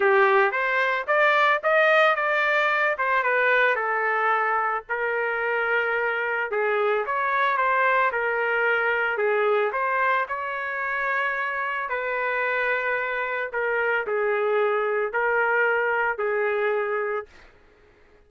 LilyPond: \new Staff \with { instrumentName = "trumpet" } { \time 4/4 \tempo 4 = 111 g'4 c''4 d''4 dis''4 | d''4. c''8 b'4 a'4~ | a'4 ais'2. | gis'4 cis''4 c''4 ais'4~ |
ais'4 gis'4 c''4 cis''4~ | cis''2 b'2~ | b'4 ais'4 gis'2 | ais'2 gis'2 | }